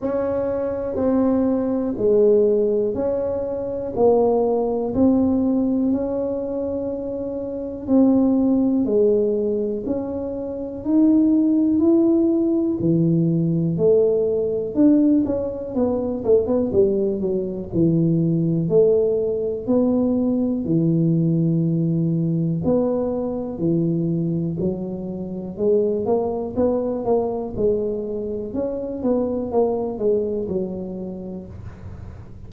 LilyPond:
\new Staff \with { instrumentName = "tuba" } { \time 4/4 \tempo 4 = 61 cis'4 c'4 gis4 cis'4 | ais4 c'4 cis'2 | c'4 gis4 cis'4 dis'4 | e'4 e4 a4 d'8 cis'8 |
b8 a16 b16 g8 fis8 e4 a4 | b4 e2 b4 | e4 fis4 gis8 ais8 b8 ais8 | gis4 cis'8 b8 ais8 gis8 fis4 | }